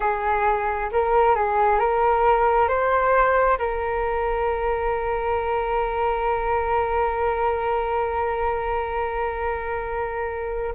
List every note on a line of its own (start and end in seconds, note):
0.00 0.90 G#4
0.92 1.35 A#4
1.35 1.79 G#4
1.79 2.68 A#4
2.68 3.58 C5
3.58 10.75 A#4